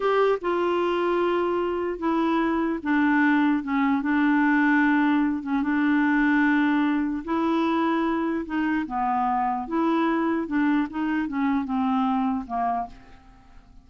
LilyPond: \new Staff \with { instrumentName = "clarinet" } { \time 4/4 \tempo 4 = 149 g'4 f'2.~ | f'4 e'2 d'4~ | d'4 cis'4 d'2~ | d'4. cis'8 d'2~ |
d'2 e'2~ | e'4 dis'4 b2 | e'2 d'4 dis'4 | cis'4 c'2 ais4 | }